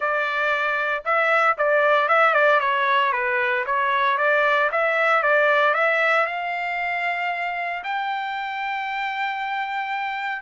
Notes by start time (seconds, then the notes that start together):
0.00 D5
1.05 E5
1.57 D5
2.08 E5
2.34 D5
2.60 C#5
3.12 B4
3.66 C#5
4.17 D5
4.71 E5
5.22 D5
5.74 E5
6.26 F5
7.83 G5